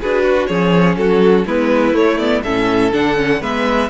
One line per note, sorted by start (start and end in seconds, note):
0.00 0.49 D4
0.00 0.48 F#4
0.00 0.22 G#4
0.00 0.46 B4
0.22 0.47 F#4
0.46 0.96 F3
0.46 1.45 C#4
0.46 0.96 G#4
0.46 0.95 C#5
0.96 1.44 F#3
0.96 1.46 F#4
0.96 1.45 A4
1.45 1.92 G#3
1.45 1.93 B3
1.45 2.43 E4
1.45 1.96 B4
1.92 2.41 A3
1.92 2.18 A3
1.92 2.17 C#5
2.17 2.43 B3
2.17 2.41 D5
2.43 2.92 A2
2.43 2.91 C#4
2.43 3.40 A4
2.43 2.92 E5
2.91 3.41 D3
2.91 3.16 D4
2.91 3.42 F#5
3.16 3.40 C#4
3.40 3.89 G#3
3.40 3.89 B3
3.40 3.89 B4
3.40 3.89 E5